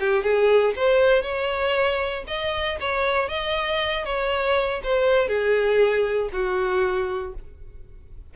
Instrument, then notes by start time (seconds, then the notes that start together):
violin
0.00 G4
0.23 G#4
0.76 C5
1.22 C#5
2.27 D#5
2.80 C#5
3.29 D#5
4.05 C#5
4.84 C5
5.28 G#4
6.32 F#4